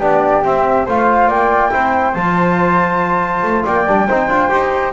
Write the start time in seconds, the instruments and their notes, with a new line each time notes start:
0.00 double bass B3, trombone D4, flute G4 D5
0.44 trombone C4, double bass C4, flute E5
0.86 double bass A3, trombone F4, flute C5 F5
1.28 double bass A#3, flute D5 G5
1.71 double bass C4, trombone E4, flute C5
2.15 double bass F3, trombone F4, flute A5
3.43 double bass A3
3.65 double bass A#3, flute D5 G5
3.87 double bass G3, trombone D4
4.08 double bass C4, trombone D#4, flute C5
4.29 double bass D4, trombone F4
4.50 double bass D#4, trombone G4